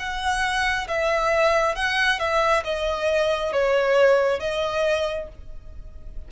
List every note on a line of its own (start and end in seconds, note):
0.00 0.88 F#5
0.88 1.76 E5
1.76 2.20 F#5
2.20 2.64 E5
2.65 3.53 D#5
3.53 4.40 C#5
4.40 5.29 D#5